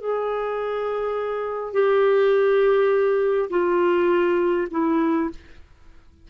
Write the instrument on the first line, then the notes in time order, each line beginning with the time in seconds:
clarinet
0.00 G#4
1.73 G4
3.50 F4
4.71 E4